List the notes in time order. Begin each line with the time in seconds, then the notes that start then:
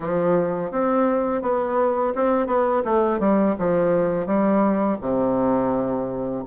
0.00 F3
0.71 C4
1.42 B3
2.15 C4
2.46 B3
2.84 A3
3.19 G3
3.58 F3
4.26 G3
5.01 C3